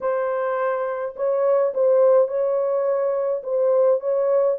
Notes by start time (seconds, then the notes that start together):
0.00 C5
1.16 C#5
1.74 C5
2.28 C#5
3.43 C5
4.00 C#5